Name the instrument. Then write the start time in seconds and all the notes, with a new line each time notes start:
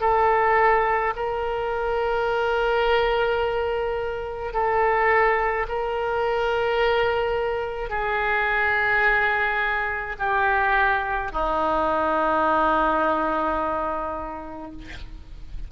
oboe
0.00 A4
1.16 A#4
4.53 A4
5.68 A#4
7.89 G#4
10.18 G4
11.32 D#4